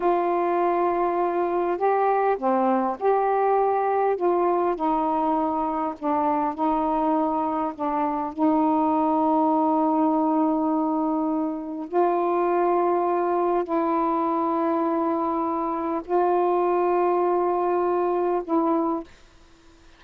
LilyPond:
\new Staff \with { instrumentName = "saxophone" } { \time 4/4 \tempo 4 = 101 f'2. g'4 | c'4 g'2 f'4 | dis'2 d'4 dis'4~ | dis'4 d'4 dis'2~ |
dis'1 | f'2. e'4~ | e'2. f'4~ | f'2. e'4 | }